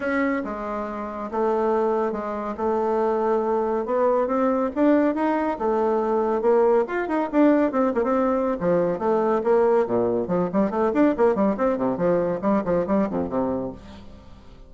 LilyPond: \new Staff \with { instrumentName = "bassoon" } { \time 4/4 \tempo 4 = 140 cis'4 gis2 a4~ | a4 gis4 a2~ | a4 b4 c'4 d'4 | dis'4 a2 ais4 |
f'8 dis'8 d'4 c'8 ais16 c'4~ c'16 | f4 a4 ais4 ais,4 | f8 g8 a8 d'8 ais8 g8 c'8 c8 | f4 g8 f8 g8 f,8 c4 | }